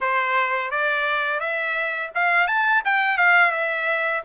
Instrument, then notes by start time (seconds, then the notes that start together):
trumpet
0.00 C5
0.71 D5
1.40 E5
2.15 F5
2.47 A5
2.84 G5
3.17 F5
3.51 E5